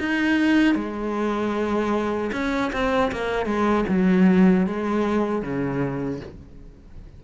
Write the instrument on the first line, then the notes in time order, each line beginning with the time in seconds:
cello
0.00 D#4
0.76 G#3
2.33 C#4
2.73 C4
3.12 A#3
3.46 G#3
3.89 F#3
4.67 G#3
5.43 C#3